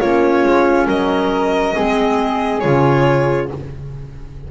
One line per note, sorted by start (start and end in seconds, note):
0.00 0.45 A#3
0.00 1.75 C#4
0.00 0.87 F4
0.00 0.87 C#5
0.45 0.87 G#3
0.87 1.74 F#3
0.87 1.74 A#4
0.87 2.60 D#5
1.74 2.64 G#3
1.74 2.62 C4
1.74 3.48 G#4
2.60 3.51 C#3
2.60 3.49 F4
2.60 3.47 C#5